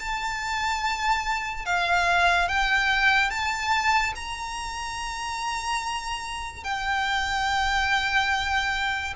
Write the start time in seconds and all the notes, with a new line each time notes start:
0.00 A5
1.66 F5
2.49 G5
3.31 A5
4.16 A#5
6.64 G5